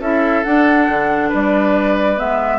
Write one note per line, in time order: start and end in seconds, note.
0.00 0.43 C#4
0.00 0.45 E4
0.00 1.29 A4
0.00 0.44 E5
0.44 2.18 D4
0.44 0.89 D4
0.44 1.30 F#5
0.89 1.32 D3
1.29 2.20 G3
1.29 2.59 B4
1.29 2.19 D5
2.18 2.59 G#3
2.18 2.59 B3
2.18 2.59 E5